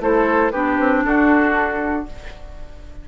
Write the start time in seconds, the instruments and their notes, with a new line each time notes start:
0.00 bassoon A3, clarinet E4, oboe A4, flute C5
0.51 bassoon B3, clarinet D4, oboe G4, flute B4
0.79 bassoon C4
1.04 bassoon D4, oboe F#4, flute A4